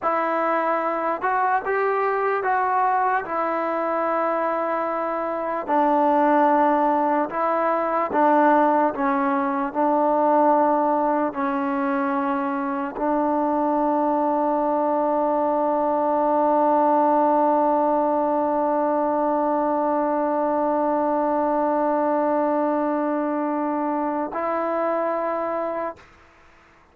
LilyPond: \new Staff \with { instrumentName = "trombone" } { \time 4/4 \tempo 4 = 74 e'4. fis'8 g'4 fis'4 | e'2. d'4~ | d'4 e'4 d'4 cis'4 | d'2 cis'2 |
d'1~ | d'1~ | d'1~ | d'2 e'2 | }